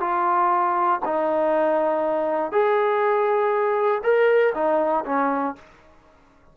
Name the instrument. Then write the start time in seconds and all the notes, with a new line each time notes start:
trombone
0.00 F4
1.05 D#4
2.52 G#4
4.03 A#4
4.54 D#4
5.05 C#4